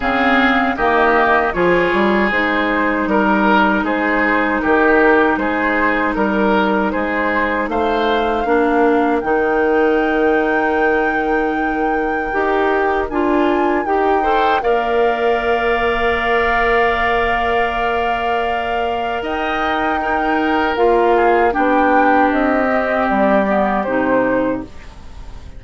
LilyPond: <<
  \new Staff \with { instrumentName = "flute" } { \time 4/4 \tempo 4 = 78 f''4 dis''4 cis''4 c''4 | ais'4 c''4 ais'4 c''4 | ais'4 c''4 f''2 | g''1~ |
g''4 gis''4 g''4 f''4~ | f''1~ | f''4 g''2 f''4 | g''4 dis''4 d''4 c''4 | }
  \new Staff \with { instrumentName = "oboe" } { \time 4/4 gis'4 g'4 gis'2 | ais'4 gis'4 g'4 gis'4 | ais'4 gis'4 c''4 ais'4~ | ais'1~ |
ais'2~ ais'8 c''8 d''4~ | d''1~ | d''4 dis''4 ais'4. gis'8 | g'1 | }
  \new Staff \with { instrumentName = "clarinet" } { \time 4/4 c'4 ais4 f'4 dis'4~ | dis'1~ | dis'2. d'4 | dis'1 |
g'4 f'4 g'8 a'8 ais'4~ | ais'1~ | ais'2 dis'4 f'4 | d'4. c'4 b8 dis'4 | }
  \new Staff \with { instrumentName = "bassoon" } { \time 4/4 cis4 dis4 f8 g8 gis4 | g4 gis4 dis4 gis4 | g4 gis4 a4 ais4 | dis1 |
dis'4 d'4 dis'4 ais4~ | ais1~ | ais4 dis'2 ais4 | b4 c'4 g4 c4 | }
>>